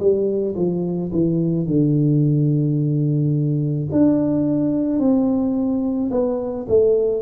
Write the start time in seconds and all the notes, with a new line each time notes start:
0.00 G3
0.56 F3
1.13 E3
1.67 D3
3.92 D4
4.99 C4
6.11 B3
6.69 A3